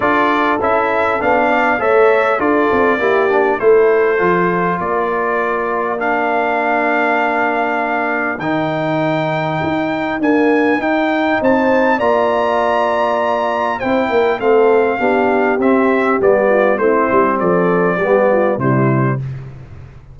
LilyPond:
<<
  \new Staff \with { instrumentName = "trumpet" } { \time 4/4 \tempo 4 = 100 d''4 e''4 f''4 e''4 | d''2 c''2 | d''2 f''2~ | f''2 g''2~ |
g''4 gis''4 g''4 a''4 | ais''2. g''4 | f''2 e''4 d''4 | c''4 d''2 c''4 | }
  \new Staff \with { instrumentName = "horn" } { \time 4/4 a'2~ a'8 d''8 cis''4 | a'4 g'4 a'2 | ais'1~ | ais'1~ |
ais'2. c''4 | d''2. c''8 ais'8 | a'4 g'2~ g'8 f'8 | e'4 a'4 g'8 f'8 e'4 | }
  \new Staff \with { instrumentName = "trombone" } { \time 4/4 f'4 e'4 d'4 a'4 | f'4 e'8 d'8 e'4 f'4~ | f'2 d'2~ | d'2 dis'2~ |
dis'4 ais4 dis'2 | f'2. e'4 | c'4 d'4 c'4 b4 | c'2 b4 g4 | }
  \new Staff \with { instrumentName = "tuba" } { \time 4/4 d'4 cis'4 b4 a4 | d'8 c'8 ais4 a4 f4 | ais1~ | ais2 dis2 |
dis'4 d'4 dis'4 c'4 | ais2. c'8 ais8 | a4 b4 c'4 g4 | a8 g8 f4 g4 c4 | }
>>